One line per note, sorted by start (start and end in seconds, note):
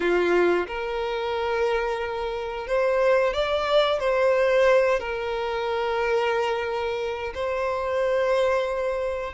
0.00 0.67 F4
0.67 2.67 A#4
2.67 3.33 C5
3.33 3.99 D5
3.99 4.99 C5
4.99 7.33 A#4
7.34 9.33 C5